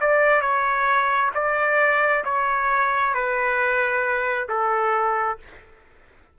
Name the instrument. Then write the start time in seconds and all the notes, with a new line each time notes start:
trumpet
0.00 D5
0.41 C#5
1.34 D5
2.24 C#5
3.13 B4
4.49 A4